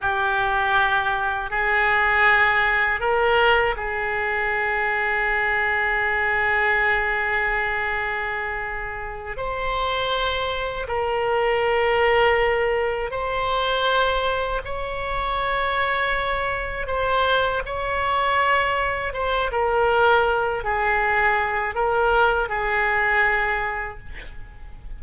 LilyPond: \new Staff \with { instrumentName = "oboe" } { \time 4/4 \tempo 4 = 80 g'2 gis'2 | ais'4 gis'2.~ | gis'1~ | gis'8 c''2 ais'4.~ |
ais'4. c''2 cis''8~ | cis''2~ cis''8 c''4 cis''8~ | cis''4. c''8 ais'4. gis'8~ | gis'4 ais'4 gis'2 | }